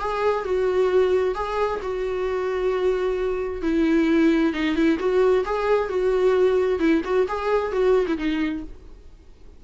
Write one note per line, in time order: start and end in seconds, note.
0.00 0.45 G#4
0.45 1.35 F#4
1.35 1.81 G#4
1.82 3.63 F#4
3.63 4.54 E4
4.54 4.76 D#4
4.76 4.99 E4
5.00 5.45 F#4
5.46 5.89 G#4
5.89 6.80 F#4
6.80 7.02 E4
7.05 7.27 F#4
7.29 7.73 G#4
7.73 8.07 F#4
8.08 8.18 E4
8.18 8.64 D#4